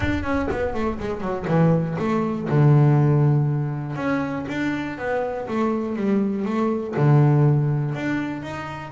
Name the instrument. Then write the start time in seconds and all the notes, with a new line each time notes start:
double bass
0.00 D4
0.23 C#4
0.51 B3
0.74 A3
0.99 G#3
1.20 F#3
1.47 E3
1.99 A3
2.49 D3
3.96 C#4
4.48 D4
4.97 B3
5.47 A3
5.95 G3
6.45 A3
6.96 D3
7.95 D4
8.42 D#4